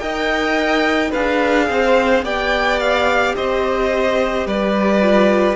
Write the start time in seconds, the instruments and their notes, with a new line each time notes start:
0.00 cello D#4, viola A#4, violin D#5 G5
1.10 cello D4, viola G#4, violin B4 F5
1.69 cello C4, violin C5
2.22 cello B3, viola G4, violin D5 G5
2.80 violin F5
3.36 cello C4, violin C5 D#5
4.46 cello G3, violin B4 D5
5.02 viola F4